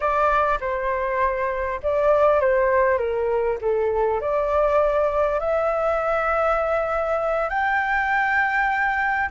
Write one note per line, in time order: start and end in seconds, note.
0.00 0.58 D5
0.60 1.80 C5
1.82 2.40 D5
2.40 2.98 C5
2.98 3.58 A#4
3.61 4.20 A4
4.20 5.39 D5
5.39 7.49 E5
7.49 9.29 G5